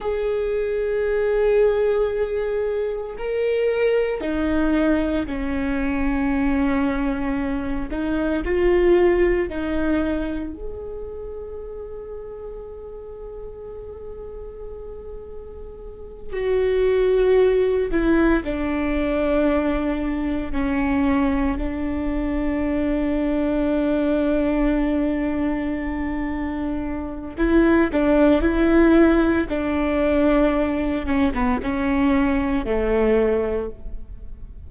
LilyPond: \new Staff \with { instrumentName = "viola" } { \time 4/4 \tempo 4 = 57 gis'2. ais'4 | dis'4 cis'2~ cis'8 dis'8 | f'4 dis'4 gis'2~ | gis'2.~ gis'8 fis'8~ |
fis'4 e'8 d'2 cis'8~ | cis'8 d'2.~ d'8~ | d'2 e'8 d'8 e'4 | d'4. cis'16 b16 cis'4 a4 | }